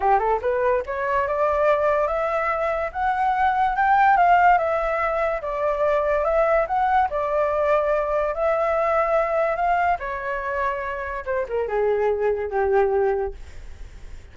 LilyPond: \new Staff \with { instrumentName = "flute" } { \time 4/4 \tempo 4 = 144 g'8 a'8 b'4 cis''4 d''4~ | d''4 e''2 fis''4~ | fis''4 g''4 f''4 e''4~ | e''4 d''2 e''4 |
fis''4 d''2. | e''2. f''4 | cis''2. c''8 ais'8 | gis'2 g'2 | }